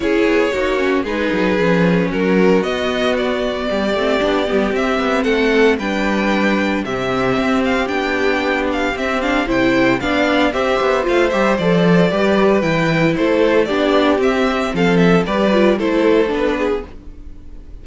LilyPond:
<<
  \new Staff \with { instrumentName = "violin" } { \time 4/4 \tempo 4 = 114 cis''2 b'2 | ais'4 dis''4 d''2~ | d''4 e''4 fis''4 g''4~ | g''4 e''4. f''8 g''4~ |
g''8 f''8 e''8 f''8 g''4 f''4 | e''4 f''8 e''8 d''2 | g''4 c''4 d''4 e''4 | f''8 e''8 d''4 c''4 b'4 | }
  \new Staff \with { instrumentName = "violin" } { \time 4/4 gis'4 fis'4 gis'2 | fis'2. g'4~ | g'2 a'4 b'4~ | b'4 g'2.~ |
g'2 c''4 d''4 | c''2. b'4~ | b'4 a'4 g'2 | a'4 b'4 a'4. gis'8 | }
  \new Staff \with { instrumentName = "viola" } { \time 4/4 e'4 dis'8 cis'8 dis'4 cis'4~ | cis'4 b2~ b8 c'8 | d'8 b8 c'2 d'4~ | d'4 c'2 d'4~ |
d'4 c'8 d'8 e'4 d'4 | g'4 f'8 g'8 a'4 g'4 | e'2 d'4 c'4~ | c'4 g'8 f'8 e'4 d'4 | }
  \new Staff \with { instrumentName = "cello" } { \time 4/4 cis'8 b8 ais4 gis8 fis8 f4 | fis4 b2 g8 a8 | b8 g8 c'8 b8 a4 g4~ | g4 c4 c'4 b4~ |
b4 c'4 c4 b4 | c'8 b8 a8 g8 f4 g4 | e4 a4 b4 c'4 | f4 g4 a4 b4 | }
>>